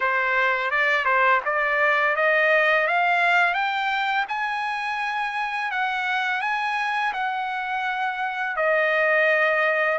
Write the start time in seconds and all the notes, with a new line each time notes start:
0.00 C5
0.70 D5
1.05 C5
1.44 D5
2.16 D#5
2.87 F5
3.54 G5
4.28 G#5
5.71 F#5
6.41 G#5
7.13 F#5
8.56 D#5